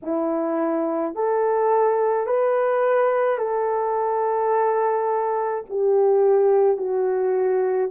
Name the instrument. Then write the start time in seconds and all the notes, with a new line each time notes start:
horn
0.02 E4
1.14 A4
2.26 B4
3.38 A4
5.69 G4
6.77 F#4